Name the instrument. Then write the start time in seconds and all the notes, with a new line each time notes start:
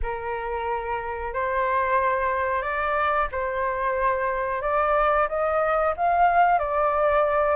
flute
0.02 A#4
1.33 C5
2.61 D5
3.31 C5
4.61 D5
5.28 D#5
5.96 F5
6.58 D5